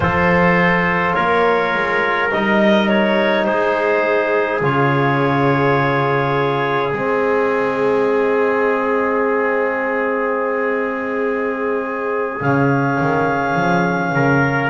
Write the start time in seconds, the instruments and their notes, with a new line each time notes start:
0.00 double bass F3, trombone F4, trumpet A4, clarinet C5
1.13 double bass A#3, trumpet A#4, clarinet C#5
1.74 double bass G#3
2.30 double bass G3, trombone D#4, clarinet D#5
2.88 clarinet C#5
3.44 double bass G#3, trumpet G#4, clarinet C5
4.61 double bass C#3, trombone F4, clarinet C#5
6.92 double bass G#3, trombone C4, clarinet D#5
12.40 double bass C#3, trombone C#4, clarinet F5
13.00 double bass D#3
13.55 double bass F3
14.12 double bass C#3, trumpet A#4